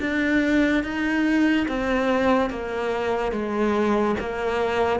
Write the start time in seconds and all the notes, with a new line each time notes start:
0.00 D4
0.83 D#4
1.68 C4
2.50 A#3
3.32 G#3
4.20 A#3